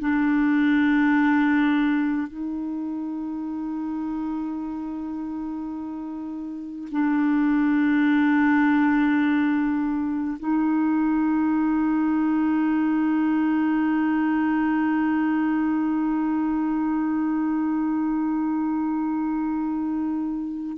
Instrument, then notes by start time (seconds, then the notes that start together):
clarinet
0.00 D4
2.27 D#4
6.91 D4
10.39 D#4